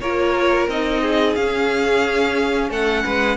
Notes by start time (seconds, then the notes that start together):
0.00 A#3 F4 A#4 C#5
0.68 C4 D#4 D#5
1.01 G#4
1.35 C#4 F5
2.69 A3 A4 F#5
3.04 G#3 B4